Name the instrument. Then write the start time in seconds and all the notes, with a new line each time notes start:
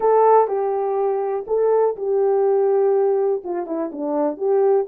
horn
0.00 A4
0.47 G4
1.47 A4
1.96 G4
3.44 F4
3.66 E4
3.92 D4
4.37 G4